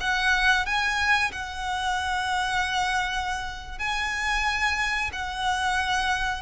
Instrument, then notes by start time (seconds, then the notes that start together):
violin
0.00 F#5
0.66 G#5
1.32 F#5
3.79 G#5
5.12 F#5